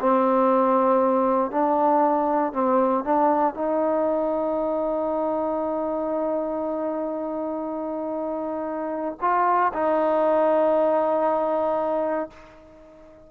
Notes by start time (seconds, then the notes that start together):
0.00 C4
1.51 D4
2.53 C4
3.04 D4
3.54 D#4
9.21 F4
9.73 D#4